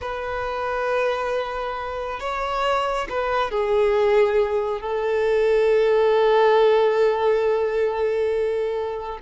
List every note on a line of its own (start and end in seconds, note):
0.01 2.20 B4
2.20 3.07 C#5
3.09 3.51 B4
3.51 4.81 G#4
4.81 9.19 A4